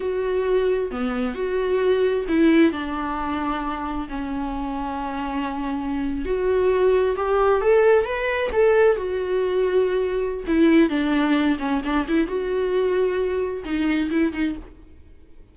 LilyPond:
\new Staff \with { instrumentName = "viola" } { \time 4/4 \tempo 4 = 132 fis'2 b4 fis'4~ | fis'4 e'4 d'2~ | d'4 cis'2.~ | cis'4.~ cis'16 fis'2 g'16~ |
g'8. a'4 b'4 a'4 fis'16~ | fis'2. e'4 | d'4. cis'8 d'8 e'8 fis'4~ | fis'2 dis'4 e'8 dis'8 | }